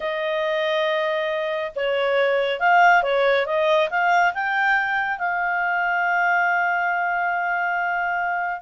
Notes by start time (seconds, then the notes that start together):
0.00 D#5
1.75 C#5
2.59 F5
3.02 C#5
3.46 D#5
3.89 F5
4.34 G5
5.18 F5